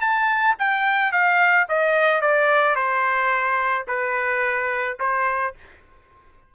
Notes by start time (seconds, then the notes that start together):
0.00 A5
0.59 G5
1.12 F5
1.69 D#5
2.21 D5
2.75 C5
3.88 B4
4.99 C5